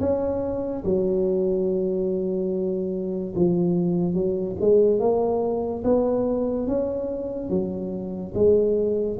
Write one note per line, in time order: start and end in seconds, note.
0.00 0.83 C#4
0.84 3.34 F#3
3.35 4.14 F3
4.14 4.55 F#3
4.60 4.99 G#3
4.99 5.83 A#3
5.84 6.67 B3
6.67 7.49 C#4
7.49 8.33 F#3
8.34 9.17 G#3